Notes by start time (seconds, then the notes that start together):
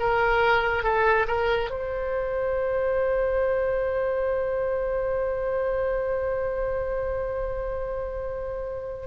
0.00 A#4
0.84 A4
1.28 A#4
1.70 C5